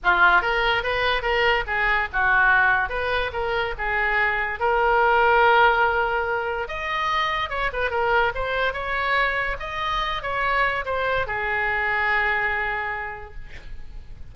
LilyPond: \new Staff \with { instrumentName = "oboe" } { \time 4/4 \tempo 4 = 144 f'4 ais'4 b'4 ais'4 | gis'4 fis'2 b'4 | ais'4 gis'2 ais'4~ | ais'1 |
dis''2 cis''8 b'8 ais'4 | c''4 cis''2 dis''4~ | dis''8 cis''4. c''4 gis'4~ | gis'1 | }